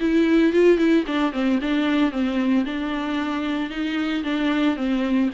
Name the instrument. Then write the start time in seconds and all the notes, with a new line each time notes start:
viola
0.00 E4
0.53 F4
0.78 E4
1.07 D4
1.33 C4
1.62 D4
2.12 C4
2.65 D4
3.70 D#4
4.24 D4
4.77 C4